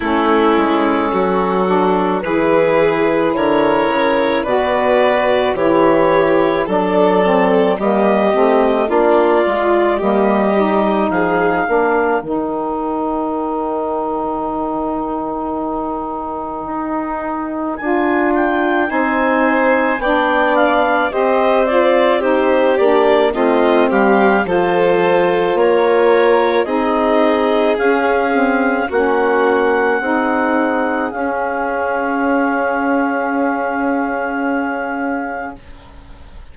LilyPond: <<
  \new Staff \with { instrumentName = "clarinet" } { \time 4/4 \tempo 4 = 54 a'2 b'4 cis''4 | d''4 cis''4 d''4 dis''4 | d''4 dis''4 f''4 g''4~ | g''1 |
gis''8 g''8 gis''4 g''8 f''8 dis''8 d''8 | c''8 d''8 dis''8 f''8 c''4 cis''4 | dis''4 f''4 fis''2 | f''1 | }
  \new Staff \with { instrumentName = "violin" } { \time 4/4 e'4 fis'4 gis'4 ais'4 | b'4 g'4 a'4 g'4 | f'4 g'4 gis'8 ais'4.~ | ais'1~ |
ais'4 c''4 d''4 c''4 | g'4 f'8 g'8 a'4 ais'4 | gis'2 fis'4 gis'4~ | gis'1 | }
  \new Staff \with { instrumentName = "saxophone" } { \time 4/4 cis'4. d'8 e'2 | fis'4 e'4 d'8 c'8 ais8 c'8 | d'8 f'8 ais8 dis'4 d'8 dis'4~ | dis'1 |
f'4 dis'4 d'4 g'8 f'8 | dis'8 d'8 c'4 f'2 | dis'4 cis'8 c'8 cis'4 dis'4 | cis'1 | }
  \new Staff \with { instrumentName = "bassoon" } { \time 4/4 a8 gis8 fis4 e4 d8 cis8 | b,4 e4 fis4 g8 a8 | ais8 gis8 g4 f8 ais8 dis4~ | dis2. dis'4 |
d'4 c'4 b4 c'4~ | c'8 ais8 a8 g8 f4 ais4 | c'4 cis'4 ais4 c'4 | cis'1 | }
>>